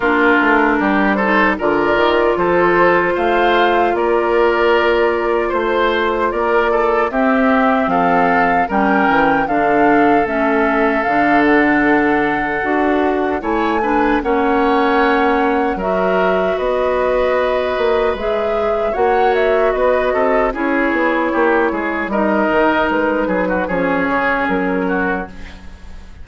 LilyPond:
<<
  \new Staff \with { instrumentName = "flute" } { \time 4/4 \tempo 4 = 76 ais'4. c''8 d''4 c''4 | f''4 d''2 c''4 | d''4 e''4 f''4 g''4 | f''4 e''4 f''8 fis''4.~ |
fis''4 gis''4 fis''2 | e''4 dis''2 e''4 | fis''8 e''8 dis''4 cis''2 | dis''4 b'4 cis''4 ais'4 | }
  \new Staff \with { instrumentName = "oboe" } { \time 4/4 f'4 g'8 a'8 ais'4 a'4 | c''4 ais'2 c''4 | ais'8 a'8 g'4 a'4 ais'4 | a'1~ |
a'4 cis''8 b'8 cis''2 | ais'4 b'2. | cis''4 b'8 a'8 gis'4 g'8 gis'8 | ais'4. gis'16 fis'16 gis'4. fis'8 | }
  \new Staff \with { instrumentName = "clarinet" } { \time 4/4 d'4. dis'8 f'2~ | f'1~ | f'4 c'2 cis'4 | d'4 cis'4 d'2 |
fis'4 e'8 d'8 cis'2 | fis'2. gis'4 | fis'2 e'2 | dis'2 cis'2 | }
  \new Staff \with { instrumentName = "bassoon" } { \time 4/4 ais8 a8 g4 d8 dis8 f4 | a4 ais2 a4 | ais4 c'4 f4 g8 e8 | d4 a4 d2 |
d'4 a4 ais2 | fis4 b4. ais8 gis4 | ais4 b8 c'8 cis'8 b8 ais8 gis8 | g8 dis8 gis8 fis8 f8 cis8 fis4 | }
>>